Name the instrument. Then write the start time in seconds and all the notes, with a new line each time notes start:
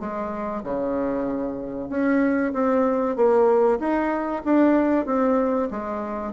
bassoon
0.00 G#3
0.64 C#3
1.89 C#4
2.53 C4
3.16 A#3
3.80 D#4
4.45 D4
5.06 C4
5.71 G#3